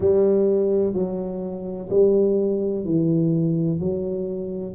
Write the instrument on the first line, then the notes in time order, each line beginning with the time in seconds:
tuba
0.00 G3
0.93 F#3
1.90 G3
2.84 E3
3.79 F#3